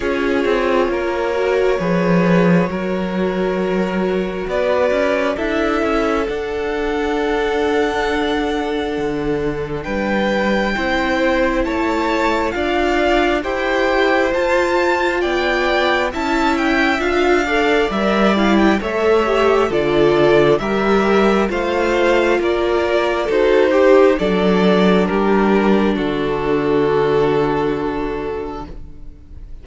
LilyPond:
<<
  \new Staff \with { instrumentName = "violin" } { \time 4/4 \tempo 4 = 67 cis''1~ | cis''4 d''4 e''4 fis''4~ | fis''2. g''4~ | g''4 a''4 f''4 g''4 |
a''4 g''4 a''8 g''8 f''4 | e''8 f''16 g''16 e''4 d''4 e''4 | f''4 d''4 c''4 d''4 | ais'4 a'2. | }
  \new Staff \with { instrumentName = "violin" } { \time 4/4 gis'4 ais'4 b'4 ais'4~ | ais'4 b'4 a'2~ | a'2. b'4 | c''4 cis''4 d''4 c''4~ |
c''4 d''4 e''4. d''8~ | d''4 cis''4 a'4 ais'4 | c''4 ais'4 a'8 g'8 a'4 | g'4 fis'2. | }
  \new Staff \with { instrumentName = "viola" } { \time 4/4 f'4. fis'8 gis'4 fis'4~ | fis'2 e'4 d'4~ | d'1 | e'2 f'4 g'4 |
f'2 e'4 f'8 a'8 | ais'8 e'8 a'8 g'8 f'4 g'4 | f'2 fis'8 g'8 d'4~ | d'1 | }
  \new Staff \with { instrumentName = "cello" } { \time 4/4 cis'8 c'8 ais4 f4 fis4~ | fis4 b8 cis'8 d'8 cis'8 d'4~ | d'2 d4 g4 | c'4 a4 d'4 e'4 |
f'4 b4 cis'4 d'4 | g4 a4 d4 g4 | a4 ais4 dis'4 fis4 | g4 d2. | }
>>